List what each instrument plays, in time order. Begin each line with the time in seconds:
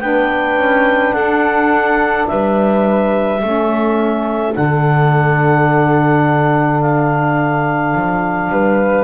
0.00 double bass B3, saxophone D4, flute B4, clarinet G5
0.56 double bass C#4
1.13 double bass D4, flute A4, clarinet F#5
2.27 double bass G3, flute B4, clarinet E5
3.40 double bass A3, saxophone C#4, flute A4
4.53 double bass D3, saxophone D4, clarinet F#5
6.81 clarinet F5
7.95 double bass F3
8.50 double bass G3, flute B4